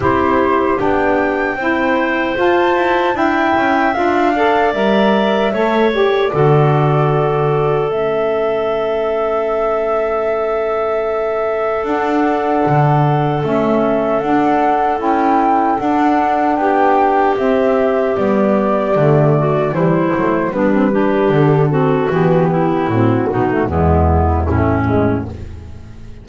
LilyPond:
<<
  \new Staff \with { instrumentName = "flute" } { \time 4/4 \tempo 4 = 76 c''4 g''2 a''4 | g''4 f''4 e''4. d''8~ | d''2 e''2~ | e''2. fis''4~ |
fis''4 e''4 fis''4 g''4 | fis''4 g''4 e''4 d''4~ | d''4 c''4 b'4 a'4 | g'4 fis'4 e'2 | }
  \new Staff \with { instrumentName = "clarinet" } { \time 4/4 g'2 c''2 | e''4. d''4. cis''4 | a'1~ | a'1~ |
a'1~ | a'4 g'2.~ | g'8 fis'8 e'4 d'8 g'4 fis'8~ | fis'8 e'4 dis'8 b4 cis'4 | }
  \new Staff \with { instrumentName = "saxophone" } { \time 4/4 e'4 d'4 e'4 f'4 | e'4 f'8 a'8 ais'4 a'8 g'8 | fis'2 cis'2~ | cis'2. d'4~ |
d'4 cis'4 d'4 e'4 | d'2 c'4 b4 | a4 g8 a8 b16 c'16 d'4 c'8 | b4 c'8 b16 a16 gis4 a8 gis8 | }
  \new Staff \with { instrumentName = "double bass" } { \time 4/4 c'4 b4 c'4 f'8 e'8 | d'8 cis'8 d'4 g4 a4 | d2 a2~ | a2. d'4 |
d4 a4 d'4 cis'4 | d'4 b4 c'4 g4 | d4 e8 fis8 g4 d4 | e4 a,8 b,8 e,4 a,4 | }
>>